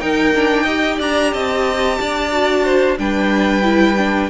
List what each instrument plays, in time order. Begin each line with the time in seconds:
0.00 viola D#4, cello D#4, violin A#4 G5
0.35 viola D4
0.63 viola G4, violin D#5
0.98 cello D4, violin D5 A#5
1.34 cello C4, violin D#5 A5
2.01 cello D4, violin D5
2.32 viola F#4
2.65 violin C5
2.98 cello G3, viola D4, violin B4 G5
3.63 viola E4
3.98 viola D4